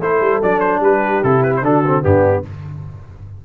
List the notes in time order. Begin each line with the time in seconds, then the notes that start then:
0.00 A3 E4 A4 C5
0.21 G3
0.43 F#3 D4 D5
0.60 C5
0.80 G3 G4 B4
1.23 C3 E4 A4
1.43 B4
1.57 D3 C5
1.64 D4 F#4 A4
1.86 C4
2.02 G2 B3 D4 G4